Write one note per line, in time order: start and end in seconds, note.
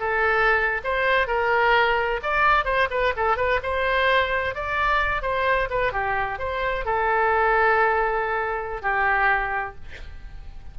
0.00 0.81 A4
0.84 1.28 C5
1.28 2.21 A#4
2.23 2.65 D5
2.65 2.89 C5
2.91 3.14 B4
3.17 3.37 A4
3.37 3.60 B4
3.63 4.55 C5
4.55 5.23 D5
5.23 5.69 C5
5.70 5.93 B4
5.93 6.39 G4
6.39 6.85 C5
6.85 8.83 A4
8.83 9.76 G4